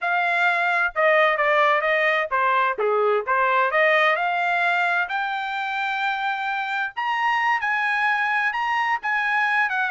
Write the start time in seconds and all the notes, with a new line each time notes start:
0.01 F5
0.95 D#5
1.37 D5
1.81 D#5
2.31 C5
2.78 G#4
3.26 C5
3.71 D#5
4.16 F5
5.08 G5
6.96 A#5
7.60 G#5
8.53 A#5
9.02 G#5
9.69 F#5